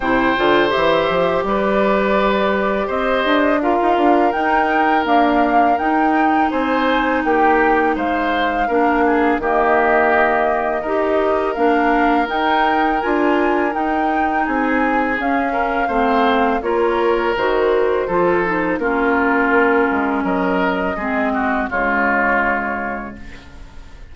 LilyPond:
<<
  \new Staff \with { instrumentName = "flute" } { \time 4/4 \tempo 4 = 83 g''4 e''4 d''2 | dis''4 f''4 g''4 f''4 | g''4 gis''4 g''4 f''4~ | f''4 dis''2. |
f''4 g''4 gis''4 g''4 | gis''4 f''2 cis''4 | c''2 ais'2 | dis''2 cis''2 | }
  \new Staff \with { instrumentName = "oboe" } { \time 4/4 c''2 b'2 | c''4 ais'2.~ | ais'4 c''4 g'4 c''4 | ais'8 gis'8 g'2 ais'4~ |
ais'1 | gis'4. ais'8 c''4 ais'4~ | ais'4 a'4 f'2 | ais'4 gis'8 fis'8 f'2 | }
  \new Staff \with { instrumentName = "clarinet" } { \time 4/4 e'8 f'8 g'2.~ | g'4 f'4 dis'4 ais4 | dis'1 | d'4 ais2 g'4 |
d'4 dis'4 f'4 dis'4~ | dis'4 cis'4 c'4 f'4 | fis'4 f'8 dis'8 cis'2~ | cis'4 c'4 gis2 | }
  \new Staff \with { instrumentName = "bassoon" } { \time 4/4 c8 d8 e8 f8 g2 | c'8 d'8. dis'16 d'8 dis'4 d'4 | dis'4 c'4 ais4 gis4 | ais4 dis2 dis'4 |
ais4 dis'4 d'4 dis'4 | c'4 cis'4 a4 ais4 | dis4 f4 ais4. gis8 | fis4 gis4 cis2 | }
>>